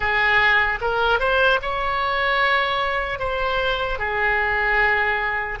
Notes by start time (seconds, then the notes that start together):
0.00 G#4
0.81 A#4
1.19 C5
1.61 C#5
3.19 C5
3.98 G#4